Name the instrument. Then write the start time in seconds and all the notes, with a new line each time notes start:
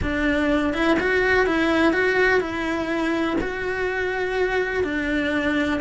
cello
0.02 D4
0.73 E4
0.99 F#4
1.46 E4
1.92 F#4
2.40 E4
3.40 F#4
4.83 D4